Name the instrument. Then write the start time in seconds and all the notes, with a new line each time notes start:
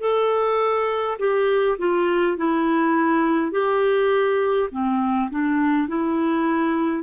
clarinet
0.00 A4
1.19 G4
1.78 F4
2.37 E4
3.51 G4
4.71 C4
5.30 D4
5.88 E4